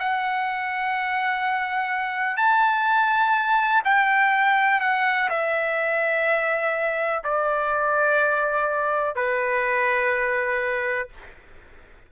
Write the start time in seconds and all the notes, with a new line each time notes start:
0.00 F#5
2.38 A5
3.85 G5
4.81 F#5
5.30 E5
7.24 D5
9.16 B4